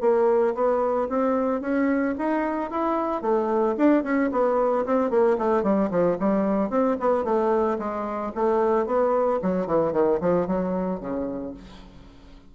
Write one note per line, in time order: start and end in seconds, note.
0.00 0.54 A#3
0.54 1.08 B3
1.09 1.61 C4
1.61 2.14 C#4
2.18 2.70 D#4
2.70 3.21 E4
3.21 3.75 A3
3.77 4.03 D4
4.03 4.30 C#4
4.31 4.85 B3
4.85 5.10 C4
5.10 5.37 A#3
5.38 5.63 A3
5.63 5.89 G3
5.90 6.17 F3
6.19 6.69 G3
6.69 6.96 C4
6.99 7.24 B3
7.24 7.77 A3
7.78 8.32 G#3
8.34 8.86 A3
8.86 9.39 B3
9.42 9.66 F#3
9.66 9.92 E3
9.92 10.19 D#3
10.20 10.46 F3
10.46 11.00 F#3
11.00 11.53 C#3